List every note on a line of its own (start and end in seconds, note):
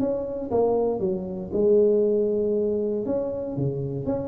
0.00 0.51 C#4
0.51 1.00 A#3
1.00 1.51 F#3
1.53 3.06 G#3
3.06 3.57 C#4
3.57 4.06 C#3
4.06 4.28 C#4